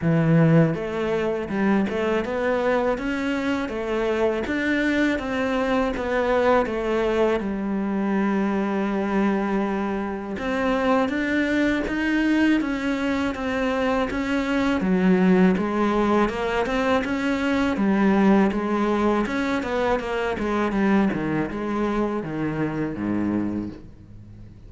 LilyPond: \new Staff \with { instrumentName = "cello" } { \time 4/4 \tempo 4 = 81 e4 a4 g8 a8 b4 | cis'4 a4 d'4 c'4 | b4 a4 g2~ | g2 c'4 d'4 |
dis'4 cis'4 c'4 cis'4 | fis4 gis4 ais8 c'8 cis'4 | g4 gis4 cis'8 b8 ais8 gis8 | g8 dis8 gis4 dis4 gis,4 | }